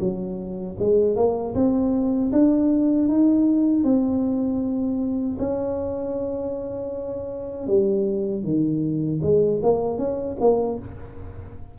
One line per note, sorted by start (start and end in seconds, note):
0.00 0.77 F#3
0.79 1.16 G#3
1.16 1.54 A#3
1.55 2.31 C4
2.32 3.08 D4
3.08 3.84 D#4
3.84 5.38 C4
5.39 7.67 C#4
7.67 8.44 G3
8.44 9.21 D#3
9.22 9.60 G#3
9.63 9.98 A#3
9.98 10.37 C#4
10.40 10.79 A#3